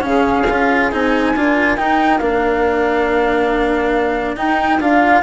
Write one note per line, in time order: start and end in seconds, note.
0.00 0.46 C#3
0.00 0.43 C#4
0.00 1.34 G#4
0.00 0.90 F5
0.48 0.92 C#4
0.48 0.92 F4
0.91 1.35 C4
0.91 1.35 D#4
0.91 1.77 G#5
1.34 1.78 D4
1.34 1.77 F4
1.34 5.22 A#4
1.77 2.20 D#4
1.77 2.18 G5
2.18 4.36 A#3
2.18 4.37 D4
2.18 4.34 F5
4.36 4.79 D#4
4.36 4.80 D#4
4.36 4.80 G5
4.79 5.22 D4
4.79 5.22 F4
4.79 5.22 F5